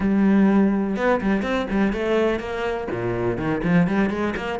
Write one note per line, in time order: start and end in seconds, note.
0.00 0.96 G3
0.96 1.20 B3
1.21 1.42 G3
1.42 1.66 C4
1.70 1.92 G3
1.92 2.39 A3
2.39 2.87 A#3
2.91 3.37 A#2
3.37 3.61 D#3
3.63 3.87 F3
3.87 4.10 G3
4.10 4.34 G#3
4.36 4.59 A#3